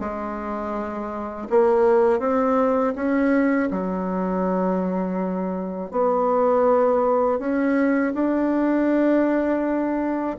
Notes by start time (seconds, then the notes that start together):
0.00 G#3
1.50 A#3
2.20 C4
2.95 C#4
3.71 F#3
5.91 B3
7.39 C#4
8.14 D4